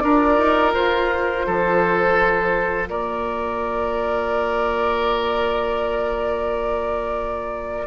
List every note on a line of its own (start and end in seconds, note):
0.00 0.39 D4
0.00 7.87 F4
0.00 1.47 A#4
0.00 0.71 D5
0.39 0.75 D#4
0.74 1.47 F4
0.74 2.89 C5
1.47 2.90 F3
1.47 2.90 A4
2.90 7.87 A#3
2.90 7.87 A#4
2.90 7.87 D5